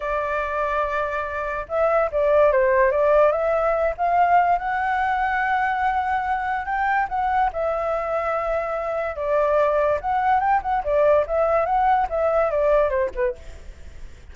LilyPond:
\new Staff \with { instrumentName = "flute" } { \time 4/4 \tempo 4 = 144 d''1 | e''4 d''4 c''4 d''4 | e''4. f''4. fis''4~ | fis''1 |
g''4 fis''4 e''2~ | e''2 d''2 | fis''4 g''8 fis''8 d''4 e''4 | fis''4 e''4 d''4 c''8 b'8 | }